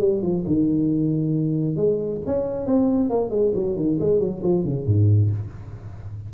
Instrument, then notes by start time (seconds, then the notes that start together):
tuba
0.00 G3
0.22 F3
0.47 D#3
1.76 G#3
2.26 C#4
2.66 C4
3.10 A#3
3.30 G#3
3.55 F#3
3.76 D#3
4.00 G#3
4.20 F#3
4.43 F3
4.64 C#3
4.86 G#2